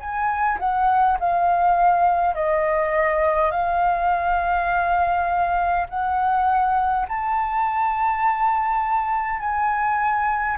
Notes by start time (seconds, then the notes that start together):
0.00 G#5
0.59 F#5
1.20 F5
2.35 D#5
3.51 F5
5.89 F#5
7.09 A5
9.40 G#5